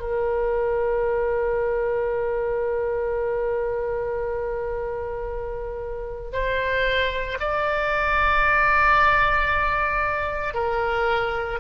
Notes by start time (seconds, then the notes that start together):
0.00 A#4
6.33 C5
7.40 D5
10.54 A#4